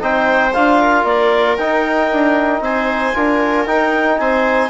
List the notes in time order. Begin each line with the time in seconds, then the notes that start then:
0.00 C4 D#4 C5 G5
0.54 D4 F4 F5
0.81 A#4
1.05 A#3 D5
1.57 D#4 G5
2.12 D4
2.61 C4 C5 G#5
3.15 D4 F4 A#4
3.67 D#4 G5
4.19 C4 C5 G#5